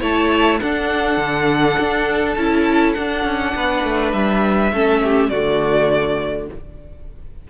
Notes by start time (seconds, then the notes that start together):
0.00 A3 E4 C#5 A5
0.59 D4 A4 F#5
1.17 D3
1.79 D4
2.34 C#4 E4 A5
2.93 D4 F#5
3.24 C#4
3.55 B3 B4
3.83 A3
4.12 G3 E5
4.72 A3 C#4 A4
5.03 G4
5.29 D3 A3 F#4 D5